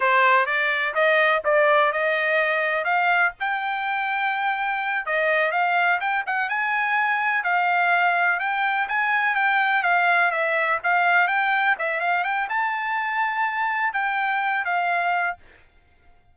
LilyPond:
\new Staff \with { instrumentName = "trumpet" } { \time 4/4 \tempo 4 = 125 c''4 d''4 dis''4 d''4 | dis''2 f''4 g''4~ | g''2~ g''8 dis''4 f''8~ | f''8 g''8 fis''8 gis''2 f''8~ |
f''4. g''4 gis''4 g''8~ | g''8 f''4 e''4 f''4 g''8~ | g''8 e''8 f''8 g''8 a''2~ | a''4 g''4. f''4. | }